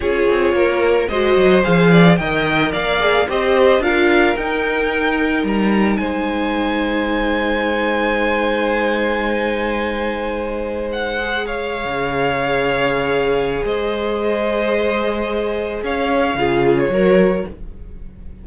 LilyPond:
<<
  \new Staff \with { instrumentName = "violin" } { \time 4/4 \tempo 4 = 110 cis''2 dis''4 f''4 | g''4 f''4 dis''4 f''4 | g''2 ais''4 gis''4~ | gis''1~ |
gis''1 | fis''4 f''2.~ | f''4 dis''2.~ | dis''4 f''4.~ f''16 cis''4~ cis''16 | }
  \new Staff \with { instrumentName = "violin" } { \time 4/4 gis'4 ais'4 c''4. d''8 | dis''4 d''4 c''4 ais'4~ | ais'2. c''4~ | c''1~ |
c''1~ | c''4 cis''2.~ | cis''4 c''2.~ | c''4 cis''4 gis'4 ais'4 | }
  \new Staff \with { instrumentName = "viola" } { \time 4/4 f'2 fis'4 gis'4 | ais'4. gis'8 g'4 f'4 | dis'1~ | dis'1~ |
dis'1~ | dis'8 gis'2.~ gis'8~ | gis'1~ | gis'2 f'4 fis'4 | }
  \new Staff \with { instrumentName = "cello" } { \time 4/4 cis'8 c'8 ais4 gis8 fis8 f4 | dis4 ais4 c'4 d'4 | dis'2 g4 gis4~ | gis1~ |
gis1~ | gis4.~ gis16 cis2~ cis16~ | cis4 gis2.~ | gis4 cis'4 cis4 fis4 | }
>>